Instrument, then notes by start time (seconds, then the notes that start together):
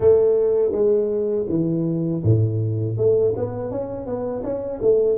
tuba
0.00 A3
0.71 G#3
1.48 E3
2.23 A2
2.97 A3
3.36 B3
3.71 C#4
4.05 B3
4.43 C#4
4.82 A3